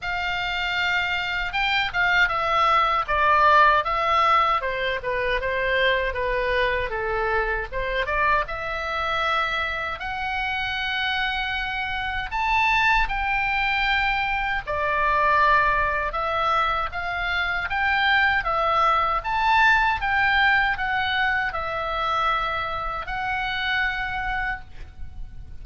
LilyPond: \new Staff \with { instrumentName = "oboe" } { \time 4/4 \tempo 4 = 78 f''2 g''8 f''8 e''4 | d''4 e''4 c''8 b'8 c''4 | b'4 a'4 c''8 d''8 e''4~ | e''4 fis''2. |
a''4 g''2 d''4~ | d''4 e''4 f''4 g''4 | e''4 a''4 g''4 fis''4 | e''2 fis''2 | }